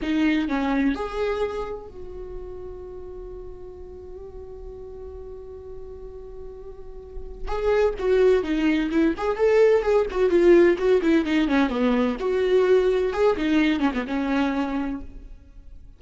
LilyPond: \new Staff \with { instrumentName = "viola" } { \time 4/4 \tempo 4 = 128 dis'4 cis'4 gis'2 | fis'1~ | fis'1~ | fis'1 |
gis'4 fis'4 dis'4 e'8 gis'8 | a'4 gis'8 fis'8 f'4 fis'8 e'8 | dis'8 cis'8 b4 fis'2 | gis'8 dis'4 cis'16 b16 cis'2 | }